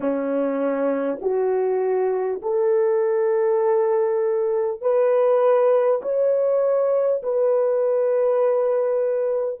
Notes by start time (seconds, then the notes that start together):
0.00 C#4
1.21 F#4
2.42 A4
4.81 B4
6.02 C#5
7.23 B4